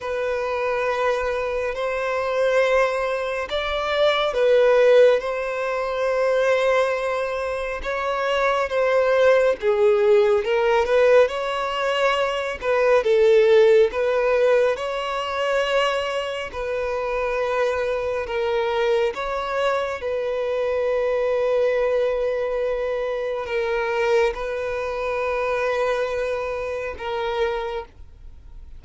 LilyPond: \new Staff \with { instrumentName = "violin" } { \time 4/4 \tempo 4 = 69 b'2 c''2 | d''4 b'4 c''2~ | c''4 cis''4 c''4 gis'4 | ais'8 b'8 cis''4. b'8 a'4 |
b'4 cis''2 b'4~ | b'4 ais'4 cis''4 b'4~ | b'2. ais'4 | b'2. ais'4 | }